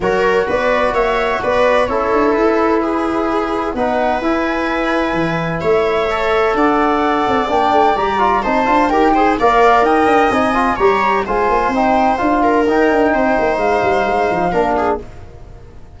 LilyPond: <<
  \new Staff \with { instrumentName = "flute" } { \time 4/4 \tempo 4 = 128 cis''4 d''4 e''4 d''4 | cis''4 b'2. | fis''4 gis''2. | e''2 fis''2 |
g''4 ais''4 a''4 g''4 | f''4 g''4 gis''4 ais''4 | gis''4 g''4 f''4 g''4~ | g''4 f''2. | }
  \new Staff \with { instrumentName = "viola" } { \time 4/4 ais'4 b'4 cis''4 b'4 | a'2 gis'2 | b'1 | cis''2 d''2~ |
d''2 c''4 ais'8 c''8 | d''4 dis''2 cis''4 | c''2~ c''8 ais'4. | c''2. ais'8 gis'8 | }
  \new Staff \with { instrumentName = "trombone" } { \time 4/4 fis'1 | e'1 | dis'4 e'2.~ | e'4 a'2. |
d'4 g'8 f'8 dis'8 f'8 g'8 gis'8 | ais'2 dis'8 f'8 g'4 | f'4 dis'4 f'4 dis'4~ | dis'2. d'4 | }
  \new Staff \with { instrumentName = "tuba" } { \time 4/4 fis4 b4 ais4 b4 | cis'8 d'8 e'2. | b4 e'2 e4 | a2 d'4. c'8 |
ais8 a8 g4 c'8 d'8 dis'4 | ais4 dis'8 d'8 c'4 g4 | gis8 ais8 c'4 d'4 dis'8 d'8 | c'8 ais8 gis8 g8 gis8 f8 ais4 | }
>>